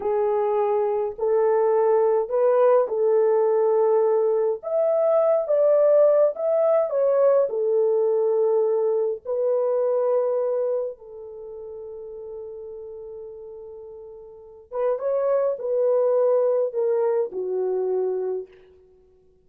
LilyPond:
\new Staff \with { instrumentName = "horn" } { \time 4/4 \tempo 4 = 104 gis'2 a'2 | b'4 a'2. | e''4. d''4. e''4 | cis''4 a'2. |
b'2. a'4~ | a'1~ | a'4. b'8 cis''4 b'4~ | b'4 ais'4 fis'2 | }